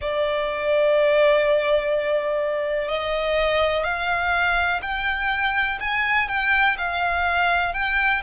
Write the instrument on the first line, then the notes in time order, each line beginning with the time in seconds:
violin
0.01 D5
2.88 D#5
3.84 F5
4.81 G5
5.80 G#5
6.28 G5
6.77 F5
7.73 G5